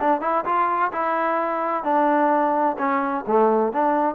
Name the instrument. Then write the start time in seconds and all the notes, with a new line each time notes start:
trombone
0.00 D4
0.21 E4
0.45 F4
0.92 E4
1.84 D4
2.78 C#4
3.27 A3
3.73 D4